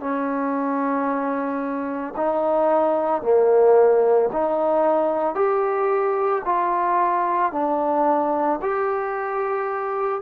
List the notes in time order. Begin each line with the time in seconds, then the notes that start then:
0.00 C#4
2.17 D#4
3.22 A#3
4.33 D#4
5.35 G4
6.45 F4
7.52 D4
8.62 G4